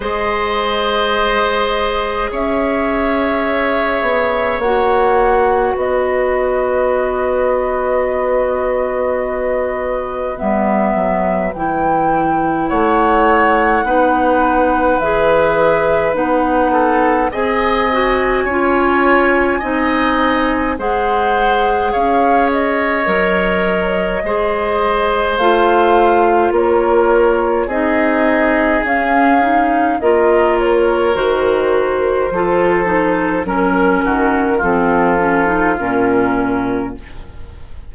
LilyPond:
<<
  \new Staff \with { instrumentName = "flute" } { \time 4/4 \tempo 4 = 52 dis''2 e''2 | fis''4 dis''2.~ | dis''4 e''4 g''4 fis''4~ | fis''4 e''4 fis''4 gis''4~ |
gis''2 fis''4 f''8 dis''8~ | dis''2 f''4 cis''4 | dis''4 f''4 dis''8 cis''8 c''4~ | c''4 ais'4 a'4 ais'4 | }
  \new Staff \with { instrumentName = "oboe" } { \time 4/4 c''2 cis''2~ | cis''4 b'2.~ | b'2. cis''4 | b'2~ b'8 a'8 dis''4 |
cis''4 dis''4 c''4 cis''4~ | cis''4 c''2 ais'4 | gis'2 ais'2 | a'4 ais'8 fis'8 f'2 | }
  \new Staff \with { instrumentName = "clarinet" } { \time 4/4 gis'1 | fis'1~ | fis'4 b4 e'2 | dis'4 gis'4 dis'4 gis'8 fis'8 |
f'4 dis'4 gis'2 | ais'4 gis'4 f'2 | dis'4 cis'8 dis'8 f'4 fis'4 | f'8 dis'8 cis'4 c'8 cis'16 dis'16 cis'4 | }
  \new Staff \with { instrumentName = "bassoon" } { \time 4/4 gis2 cis'4. b8 | ais4 b2.~ | b4 g8 fis8 e4 a4 | b4 e4 b4 c'4 |
cis'4 c'4 gis4 cis'4 | fis4 gis4 a4 ais4 | c'4 cis'4 ais4 dis4 | f4 fis8 dis8 f4 ais,4 | }
>>